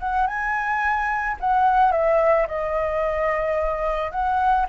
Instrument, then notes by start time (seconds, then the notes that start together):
flute
0.00 F#5
0.27 G#5
1.40 F#5
1.92 E5
2.48 D#5
4.12 F#5